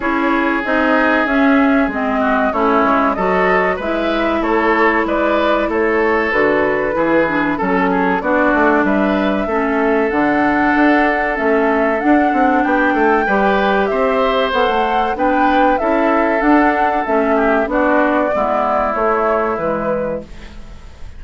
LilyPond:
<<
  \new Staff \with { instrumentName = "flute" } { \time 4/4 \tempo 4 = 95 cis''4 dis''4 e''4 dis''4 | cis''4 dis''4 e''4 cis''4 | d''4 cis''4 b'2 | a'4 d''4 e''2 |
fis''2 e''4 fis''4 | g''2 e''4 fis''4 | g''4 e''4 fis''4 e''4 | d''2 cis''4 b'4 | }
  \new Staff \with { instrumentName = "oboe" } { \time 4/4 gis'2.~ gis'8 fis'8 | e'4 a'4 b'4 a'4 | b'4 a'2 gis'4 | a'8 gis'8 fis'4 b'4 a'4~ |
a'1 | g'8 a'8 b'4 c''2 | b'4 a'2~ a'8 g'8 | fis'4 e'2. | }
  \new Staff \with { instrumentName = "clarinet" } { \time 4/4 e'4 dis'4 cis'4 c'4 | cis'4 fis'4 e'2~ | e'2 fis'4 e'8 d'8 | cis'4 d'2 cis'4 |
d'2 cis'4 d'4~ | d'4 g'2 a'4 | d'4 e'4 d'4 cis'4 | d'4 b4 a4 gis4 | }
  \new Staff \with { instrumentName = "bassoon" } { \time 4/4 cis'4 c'4 cis'4 gis4 | a8 gis8 fis4 gis4 a4 | gis4 a4 d4 e4 | fis4 b8 a8 g4 a4 |
d4 d'4 a4 d'8 c'8 | b8 a8 g4 c'4 b16 a8. | b4 cis'4 d'4 a4 | b4 gis4 a4 e4 | }
>>